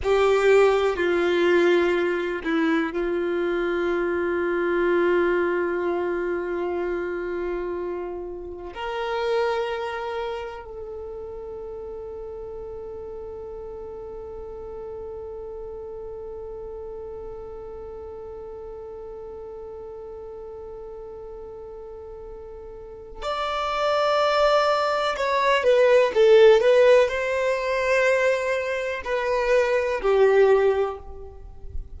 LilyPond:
\new Staff \with { instrumentName = "violin" } { \time 4/4 \tempo 4 = 62 g'4 f'4. e'8 f'4~ | f'1~ | f'4 ais'2 a'4~ | a'1~ |
a'1~ | a'1 | d''2 cis''8 b'8 a'8 b'8 | c''2 b'4 g'4 | }